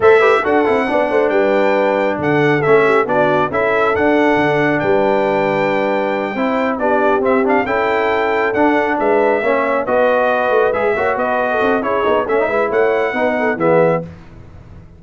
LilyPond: <<
  \new Staff \with { instrumentName = "trumpet" } { \time 4/4 \tempo 4 = 137 e''4 fis''2 g''4~ | g''4 fis''4 e''4 d''4 | e''4 fis''2 g''4~ | g''2.~ g''8 d''8~ |
d''8 e''8 f''8 g''2 fis''8~ | fis''8 e''2 dis''4.~ | dis''8 e''4 dis''4. cis''4 | e''4 fis''2 e''4 | }
  \new Staff \with { instrumentName = "horn" } { \time 4/4 c''8 b'8 a'4 d''8 c''8 b'4~ | b'4 a'4. g'8 fis'4 | a'2. b'4~ | b'2~ b'8 c''4 g'8~ |
g'4. a'2~ a'8~ | a'8 b'4 cis''4 b'4.~ | b'4 cis''8 b'8. a'8. gis'4 | cis''8 b'8 cis''4 b'8 a'8 gis'4 | }
  \new Staff \with { instrumentName = "trombone" } { \time 4/4 a'8 g'8 fis'8 e'8 d'2~ | d'2 cis'4 d'4 | e'4 d'2.~ | d'2~ d'8 e'4 d'8~ |
d'8 c'8 d'8 e'2 d'8~ | d'4. cis'4 fis'4.~ | fis'8 gis'8 fis'2 e'8 dis'8 | cis'16 dis'16 e'4. dis'4 b4 | }
  \new Staff \with { instrumentName = "tuba" } { \time 4/4 a4 d'8 c'8 b8 a8 g4~ | g4 d4 a4 b4 | cis'4 d'4 d4 g4~ | g2~ g8 c'4 b8~ |
b8 c'4 cis'2 d'8~ | d'8 gis4 ais4 b4. | a8 gis8 ais8 b4 c'8 cis'8 b8 | a8 gis8 a4 b4 e4 | }
>>